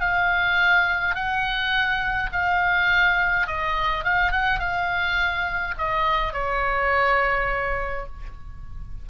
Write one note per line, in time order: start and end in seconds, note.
0.00 1.15 F5
1.15 2.30 F#5
2.32 3.47 F5
3.47 4.04 D#5
4.04 4.32 F5
4.32 4.59 F#5
4.59 5.75 F5
5.77 6.33 D#5
6.33 8.06 C#5